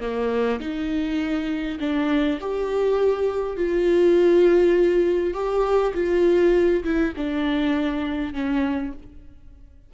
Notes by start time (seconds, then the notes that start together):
0.00 A#3
0.59 D#4
1.79 D4
2.41 G4
3.56 F4
5.34 G4
5.94 F4
6.83 E4
7.17 D4
8.33 C#4